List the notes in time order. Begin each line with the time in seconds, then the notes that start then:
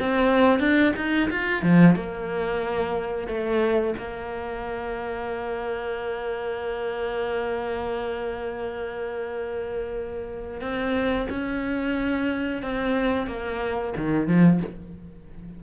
0.00 C4
0.60 D4
0.97 D#4
1.31 F4
1.63 F3
1.96 A#3
3.28 A3
3.98 A#3
10.61 C4
11.30 C#4
12.63 C4
13.27 A#3
13.97 D#3
14.28 F3